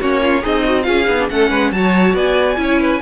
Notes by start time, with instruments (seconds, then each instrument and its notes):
0.00 cello A#3, viola C#4, violin F#4 C#5
0.22 violin F4
0.42 cello C4, violin D#4 D#5, viola G#4
0.65 viola F#4
0.83 cello C#4, viola F4, violin G#4 F5
1.08 cello B3, viola D#4
1.20 viola D4
1.30 cello A3, viola C#4, violin A4 F#5
1.50 cello G#3, violin B4
1.72 cello F#3, viola F#4, violin C#5 A5
2.14 cello B3, violin D5 G#5
2.56 cello C#4, viola E4, violin C#5
2.80 violin B4